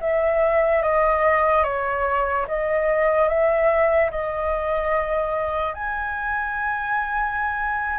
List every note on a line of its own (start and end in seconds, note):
0.00 0.82 E5
0.82 1.63 D#5
1.63 2.45 C#5
2.47 3.28 D#5
3.28 4.10 E5
4.10 5.74 D#5
5.74 7.99 G#5